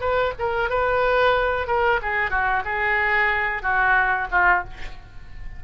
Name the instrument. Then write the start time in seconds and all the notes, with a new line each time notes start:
oboe
0.00 B4
0.39 A#4
0.69 B4
1.67 A#4
2.02 G#4
2.30 F#4
2.65 G#4
3.62 F#4
4.31 F4